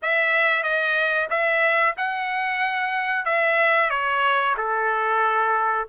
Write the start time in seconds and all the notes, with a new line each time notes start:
0.02 E5
0.63 D#5
1.30 E5
1.97 F#5
3.25 E5
3.90 C#5
4.57 A4